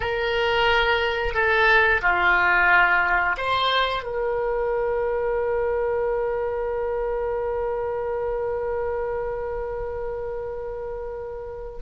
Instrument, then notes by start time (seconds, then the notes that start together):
oboe
0.00 A#4
1.33 A4
2.01 F4
3.37 C5
4.03 A#4